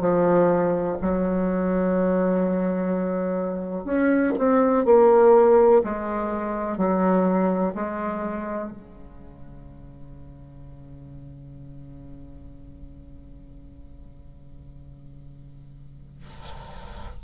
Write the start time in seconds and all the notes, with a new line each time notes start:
0.00 F3
1.02 F#3
3.84 C#4
4.38 C4
4.85 A#3
5.83 G#3
6.77 F#3
7.75 G#3
8.71 C#3